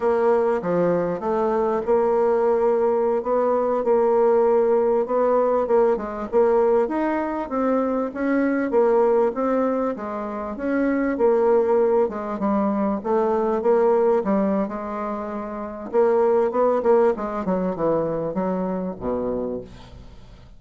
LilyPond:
\new Staff \with { instrumentName = "bassoon" } { \time 4/4 \tempo 4 = 98 ais4 f4 a4 ais4~ | ais4~ ais16 b4 ais4.~ ais16~ | ais16 b4 ais8 gis8 ais4 dis'8.~ | dis'16 c'4 cis'4 ais4 c'8.~ |
c'16 gis4 cis'4 ais4. gis16~ | gis16 g4 a4 ais4 g8. | gis2 ais4 b8 ais8 | gis8 fis8 e4 fis4 b,4 | }